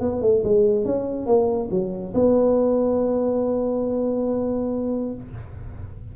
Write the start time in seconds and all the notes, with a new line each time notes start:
0.00 B3
0.21 A3
0.44 G#3
0.85 C#4
1.26 A#3
1.70 F#3
2.14 B3